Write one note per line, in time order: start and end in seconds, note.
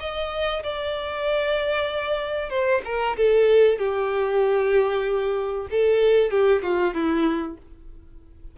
0.00 0.63 D#5
0.63 2.49 D5
2.49 2.81 C5
2.85 3.17 A#4
3.17 3.78 A4
3.78 5.68 G4
5.71 6.31 A4
6.31 6.62 G4
6.63 6.94 F4
6.94 7.57 E4